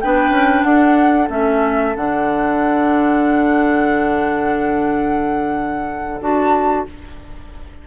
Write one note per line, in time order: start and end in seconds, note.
0.00 0.30 B3
0.00 1.29 D4
0.00 0.67 B4
0.00 0.63 G5
0.30 0.62 C#4
0.63 1.29 D4
0.63 6.86 A4
0.63 1.28 F#5
1.29 1.94 A3
1.29 1.94 C#4
1.29 1.96 E5
1.96 6.20 D3
1.96 6.20 D4
1.96 6.20 F#5
6.20 6.86 D4
6.20 6.86 F#4
6.20 6.87 A5